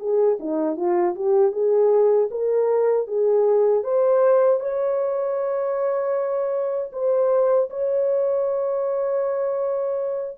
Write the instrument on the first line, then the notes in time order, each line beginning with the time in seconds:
horn
0.00 G#4
0.40 D#4
0.77 F4
1.16 G4
1.52 G#4
2.31 A#4
3.07 G#4
3.84 C5
4.60 C#5
6.93 C5
7.71 C#5